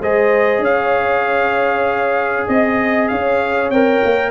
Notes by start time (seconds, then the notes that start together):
0.00 G#3 G#4 C5 D#5
0.58 C#4 C#5 F5
2.47 C4 D#5
3.08 C#4 C#5 F5
3.70 C4 A#4 G5
4.04 A#3